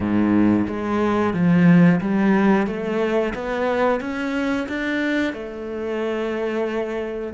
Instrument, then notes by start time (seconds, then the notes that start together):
cello
0.00 G#2
0.67 G#3
1.33 F3
2.00 G3
2.66 A3
3.34 B3
4.00 C#4
4.68 D4
5.33 A3